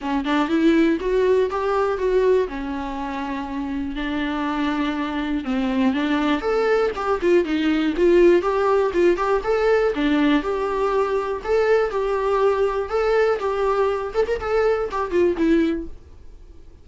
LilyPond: \new Staff \with { instrumentName = "viola" } { \time 4/4 \tempo 4 = 121 cis'8 d'8 e'4 fis'4 g'4 | fis'4 cis'2. | d'2. c'4 | d'4 a'4 g'8 f'8 dis'4 |
f'4 g'4 f'8 g'8 a'4 | d'4 g'2 a'4 | g'2 a'4 g'4~ | g'8 a'16 ais'16 a'4 g'8 f'8 e'4 | }